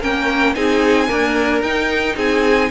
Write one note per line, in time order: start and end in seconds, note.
0.00 0.55 A#3
0.00 0.55 C#4
0.00 0.54 A#4
0.00 0.55 G5
0.55 1.09 C4
0.55 1.08 D#4
0.55 1.08 G#4
0.55 1.62 G#5
1.08 1.61 A#3
1.08 1.62 D4
1.08 2.16 A#4
1.62 2.16 D#4
1.62 2.70 D#4
1.62 2.16 G5
2.16 2.70 C4
2.16 2.70 G#4
2.16 2.70 G#5